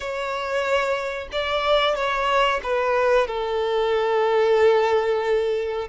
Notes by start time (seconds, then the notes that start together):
0.00 C#5
1.32 D5
1.95 C#5
2.63 B4
3.27 A4